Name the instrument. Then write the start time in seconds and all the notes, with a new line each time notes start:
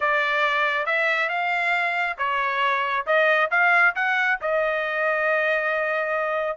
trumpet
0.00 D5
0.86 E5
1.29 F5
2.17 C#5
3.06 D#5
3.50 F5
3.95 F#5
4.41 D#5